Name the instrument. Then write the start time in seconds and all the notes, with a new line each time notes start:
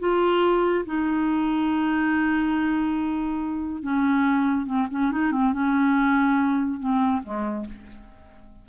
clarinet
0.00 F4
0.86 D#4
3.83 C#4
4.66 C4
4.91 C#4
5.12 D#4
5.32 C4
5.53 C#4
6.80 C4
7.24 G#3